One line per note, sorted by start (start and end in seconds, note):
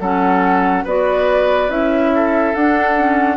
0.00 0.85 F#3
0.00 0.86 C#4
0.00 0.84 A4
0.00 0.86 F#5
0.84 1.69 B3
0.84 1.69 F#4
0.84 2.11 B4
0.84 1.70 D5
1.69 2.54 C#4
1.69 2.54 E4
1.69 2.55 E5
2.15 3.37 A4
2.55 2.97 D4
2.55 3.37 D4
2.55 3.37 F#5
2.97 3.37 C#4